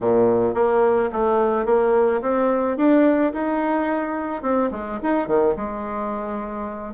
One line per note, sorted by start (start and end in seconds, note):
0.01 0.54 A#2
0.54 1.10 A#3
1.12 1.65 A3
1.65 2.21 A#3
2.21 2.77 C4
2.77 3.33 D4
3.33 4.42 D#4
4.42 4.70 C4
4.71 4.99 G#3
5.03 5.27 D#4
5.27 5.55 D#3
5.56 6.94 G#3